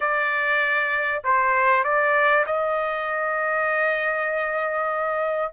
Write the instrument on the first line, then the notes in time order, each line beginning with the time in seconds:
trumpet
0.00 D5
1.24 C5
1.84 D5
2.46 D#5